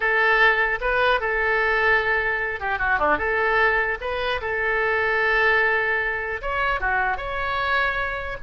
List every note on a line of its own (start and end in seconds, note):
0.00 0.79 A4
0.80 1.20 B4
1.20 2.60 A4
2.60 2.79 G4
2.79 2.98 F#4
2.98 3.18 D4
3.18 3.98 A4
4.01 4.41 B4
4.41 6.41 A4
6.41 6.80 C#5
6.80 7.17 F#4
7.17 8.37 C#5